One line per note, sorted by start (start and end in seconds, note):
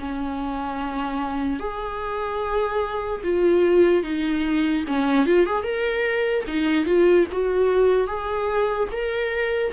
0.00 1.60 C#4
1.60 3.22 G#4
3.24 4.04 F4
4.04 4.85 D#4
4.88 5.27 C#4
5.27 5.47 F4
5.47 5.64 G#4
5.64 6.45 A#4
6.48 6.86 D#4
6.86 7.27 F4
7.32 8.08 F#4
8.08 8.89 G#4
8.92 9.73 A#4